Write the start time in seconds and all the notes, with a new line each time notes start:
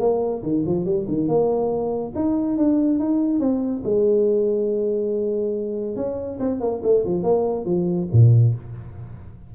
0.00 A#3
0.43 D#3
0.67 F3
0.85 G3
1.08 D#3
1.28 A#3
2.16 D#4
2.58 D4
2.99 D#4
3.40 C4
3.85 G#3
5.97 C#4
6.40 C4
6.61 A#3
6.83 A3
7.05 F3
7.24 A#3
7.65 F3
8.13 A#2